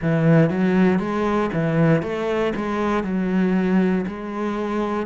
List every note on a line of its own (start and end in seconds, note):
0.01 0.49 E3
0.49 0.99 F#3
0.99 1.50 G#3
1.53 2.02 E3
2.02 2.53 A3
2.55 3.03 G#3
3.03 4.05 F#3
4.07 5.06 G#3